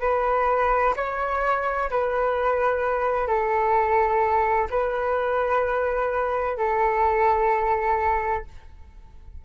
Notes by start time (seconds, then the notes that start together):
0.00 B4
0.96 C#5
1.90 B4
3.27 A4
4.70 B4
6.57 A4